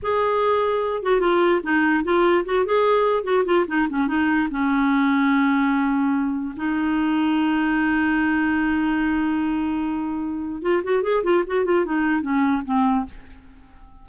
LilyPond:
\new Staff \with { instrumentName = "clarinet" } { \time 4/4 \tempo 4 = 147 gis'2~ gis'8 fis'8 f'4 | dis'4 f'4 fis'8 gis'4. | fis'8 f'8 dis'8 cis'8 dis'4 cis'4~ | cis'1 |
dis'1~ | dis'1~ | dis'2 f'8 fis'8 gis'8 f'8 | fis'8 f'8 dis'4 cis'4 c'4 | }